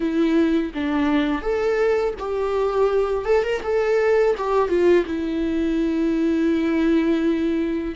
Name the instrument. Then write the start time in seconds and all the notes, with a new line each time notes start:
viola
0.00 E4
0.74 D4
1.41 A4
2.19 G4
3.25 A4
3.43 A#4
3.62 A4
4.37 G4
4.68 F4
5.05 E4